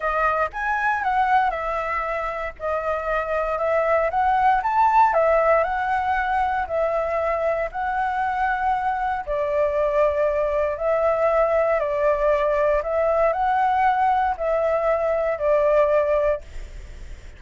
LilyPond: \new Staff \with { instrumentName = "flute" } { \time 4/4 \tempo 4 = 117 dis''4 gis''4 fis''4 e''4~ | e''4 dis''2 e''4 | fis''4 a''4 e''4 fis''4~ | fis''4 e''2 fis''4~ |
fis''2 d''2~ | d''4 e''2 d''4~ | d''4 e''4 fis''2 | e''2 d''2 | }